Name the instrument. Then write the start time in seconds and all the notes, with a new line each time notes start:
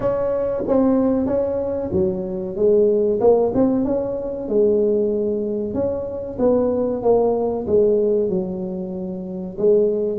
tuba
0.00 C#4
0.67 C4
1.26 C#4
1.92 F#3
2.56 G#3
3.20 A#3
3.54 C4
3.85 C#4
4.48 G#3
5.73 C#4
6.39 B3
7.02 A#3
7.66 G#3
8.29 F#3
9.57 G#3